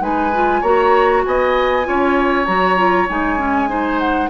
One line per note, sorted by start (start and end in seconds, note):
0.00 0.61 G#3
0.00 0.31 D#4
0.00 0.61 B4
0.00 0.63 G#5
0.33 0.63 F4
0.61 1.23 A#3
0.61 1.83 F#4
0.61 1.22 C#5
0.61 1.24 A#5
1.25 1.87 B3
1.25 1.87 D#5
1.25 2.46 G#5
1.83 2.47 C#4
1.83 2.45 F4
1.83 3.69 C#5
2.46 3.09 F#3
2.46 2.77 F#4
2.46 3.07 A#5
2.77 3.07 F4
3.08 4.30 G#3
3.08 3.38 D#4
3.08 3.98 G#5
3.38 3.68 C#4
3.68 4.29 D#4
3.68 4.30 C5
3.98 4.29 F#5